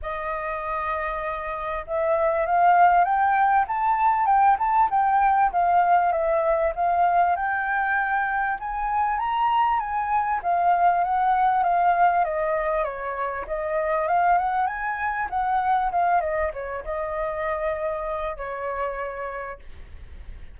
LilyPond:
\new Staff \with { instrumentName = "flute" } { \time 4/4 \tempo 4 = 98 dis''2. e''4 | f''4 g''4 a''4 g''8 a''8 | g''4 f''4 e''4 f''4 | g''2 gis''4 ais''4 |
gis''4 f''4 fis''4 f''4 | dis''4 cis''4 dis''4 f''8 fis''8 | gis''4 fis''4 f''8 dis''8 cis''8 dis''8~ | dis''2 cis''2 | }